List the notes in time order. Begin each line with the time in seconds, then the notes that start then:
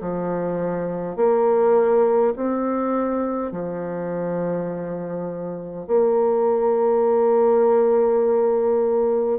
0.00 F3
1.16 A#3
2.35 C4
3.51 F3
5.87 A#3